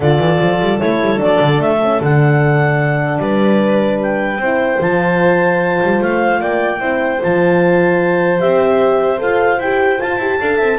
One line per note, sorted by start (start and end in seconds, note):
0.00 0.19 D3
0.00 0.79 F4
0.00 3.20 A4
0.00 0.80 D5
0.19 0.39 E3
0.40 0.60 F3
0.61 0.81 G3
0.79 1.01 A3
0.79 1.17 E4
0.79 1.20 C#5
1.01 1.19 G3
1.17 1.39 F#3
1.17 1.77 D4
1.17 1.61 D5
1.41 1.59 D3
1.59 1.99 A3
1.59 2.01 E5
1.82 2.02 C#4
2.00 3.19 D3
2.00 4.43 D4
2.00 3.18 F#5
3.18 4.37 G3
3.18 4.40 B4
3.18 3.98 D5
4.02 4.82 G5
4.37 4.77 C4
4.37 4.79 E4
4.37 6.40 C5
4.79 5.80 F3
4.79 6.79 F4
4.79 6.02 A5
5.83 6.01 G3
6.01 6.40 A3
6.01 6.41 F5
6.40 6.80 A#3
6.40 6.79 D5
6.40 7.21 G5
6.79 7.20 C4
6.79 7.19 E4
6.79 10.38 C5
7.20 8.42 F3
7.20 8.39 F4
7.20 8.40 A5
8.39 9.20 C4
8.39 9.18 G4
8.39 9.20 E5
9.18 9.58 F4
9.18 9.58 A4
9.18 9.60 F5
9.58 9.98 E4
9.58 9.98 G4
9.58 10.00 G5
9.98 10.18 F4
9.98 10.17 F4
9.98 10.79 A5
10.17 10.37 E4
10.17 10.40 G4
10.38 10.60 D4
10.38 10.79 A4
10.38 10.57 F5
10.57 10.79 C4
10.57 10.77 E5